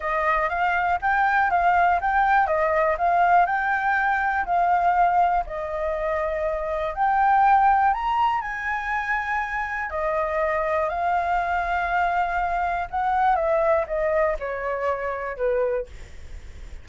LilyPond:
\new Staff \with { instrumentName = "flute" } { \time 4/4 \tempo 4 = 121 dis''4 f''4 g''4 f''4 | g''4 dis''4 f''4 g''4~ | g''4 f''2 dis''4~ | dis''2 g''2 |
ais''4 gis''2. | dis''2 f''2~ | f''2 fis''4 e''4 | dis''4 cis''2 b'4 | }